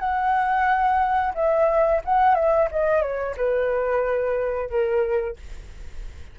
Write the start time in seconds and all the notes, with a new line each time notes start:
0.00 F#5
1.35 E5
2.05 F#5
2.35 E5
2.71 D#5
3.02 C#5
3.37 B4
4.70 A#4